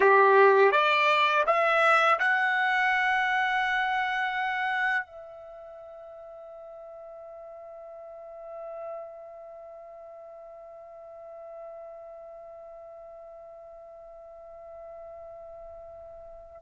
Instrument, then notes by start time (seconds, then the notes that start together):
trumpet
0.00 G4
0.71 D5
1.46 E5
2.19 F#5
5.05 E5